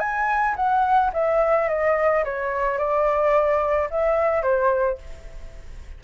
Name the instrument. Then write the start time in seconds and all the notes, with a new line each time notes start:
flute
0.00 G#5
0.56 F#5
1.14 E5
1.69 D#5
2.25 C#5
2.78 D5
3.91 E5
4.43 C5